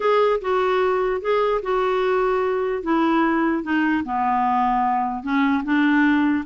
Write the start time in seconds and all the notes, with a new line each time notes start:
0.00 G#4
0.41 F#4
1.21 G#4
1.62 F#4
2.82 E4
3.63 D#4
4.04 B3
5.23 C#4
5.63 D4